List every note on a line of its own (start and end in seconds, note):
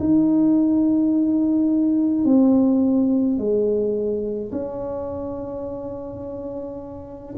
0.00 2.25 D#4
2.25 3.38 C4
3.38 4.51 G#3
4.52 7.35 C#4